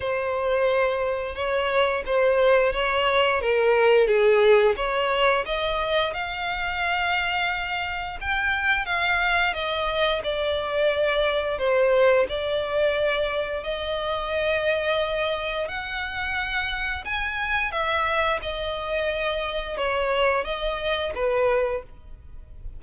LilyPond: \new Staff \with { instrumentName = "violin" } { \time 4/4 \tempo 4 = 88 c''2 cis''4 c''4 | cis''4 ais'4 gis'4 cis''4 | dis''4 f''2. | g''4 f''4 dis''4 d''4~ |
d''4 c''4 d''2 | dis''2. fis''4~ | fis''4 gis''4 e''4 dis''4~ | dis''4 cis''4 dis''4 b'4 | }